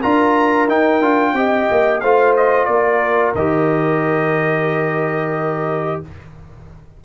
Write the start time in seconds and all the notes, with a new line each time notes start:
0.00 D4 F4 A#4 A#5
0.67 D#4 G5
1.01 D4 F4
1.33 C4 G4 D#5
1.71 A#3
2.01 A3 F4 C5 F5
2.37 D#5
2.66 A#3 A#4 D5
3.35 D#3 G4 D#5